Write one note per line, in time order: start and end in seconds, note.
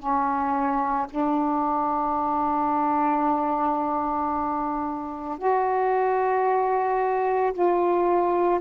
0.00 1.07 C#4
1.11 5.39 D4
5.39 7.53 F#4
7.54 8.61 F4